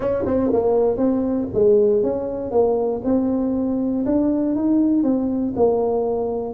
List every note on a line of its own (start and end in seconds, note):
0.00 0.25 C#4
0.25 0.50 C4
0.52 0.97 A#3
0.97 1.47 C4
1.54 2.02 G#3
2.02 2.51 C#4
2.51 3.01 A#3
3.04 4.05 C4
4.05 4.55 D4
4.55 5.03 D#4
5.03 5.53 C4
5.56 6.54 A#3